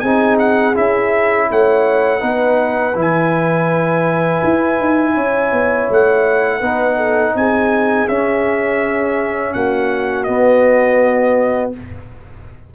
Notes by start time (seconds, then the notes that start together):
0.00 C4 D#4 G#4 G#5
0.39 F#5
0.74 C#4 E4 E5
1.50 A3 C#5 F#5
2.20 B3 D#4 B4
2.95 E3 E4 G#5
4.44 E4
4.80 D#4
5.15 C#4 C#5
5.52 B3
5.90 A3 F#5
6.59 B3 D#4 B4
6.97 A4
7.35 C4 G#4 G#5
8.08 C#4 E5
9.53 A#3 F#4 F#5
10.24 B3 D#5